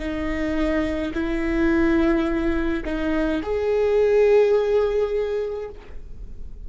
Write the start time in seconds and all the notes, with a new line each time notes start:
0.00 D#4
1.14 E4
2.86 D#4
3.43 G#4